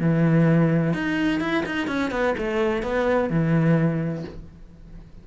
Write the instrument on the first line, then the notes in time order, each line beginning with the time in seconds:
cello
0.00 E3
0.94 D#4
1.40 E4
1.66 D#4
1.88 C#4
2.11 B3
2.38 A3
2.83 B3
3.30 E3